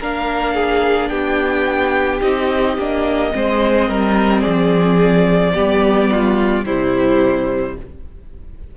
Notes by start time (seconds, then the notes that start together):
0.00 A#3 D4 A#4 F5
0.54 G#4
1.09 B3 G4 G5
2.21 C4 D#4 D#5
2.77 A#3 D4
3.31 G#3 C4 C5
3.88 G3 A#4
4.41 F3 G#4 D5
5.53 G3 B3 G4
6.11 F4
6.65 C3 G3 E4 C5